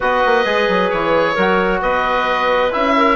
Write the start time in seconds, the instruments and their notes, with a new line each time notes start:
0.00 bassoon B3, trombone F#4, clarinet B4, oboe D#5
0.25 bassoon A#3
0.45 bassoon G#3, trombone G#4
0.68 bassoon F#3
0.90 bassoon E3, oboe C#5
1.34 bassoon F#3, trombone F#4, clarinet A#4
1.80 bassoon B3, clarinet B4, oboe D#5
2.71 bassoon C#4, trombone E4, oboe E5
2.96 clarinet A#4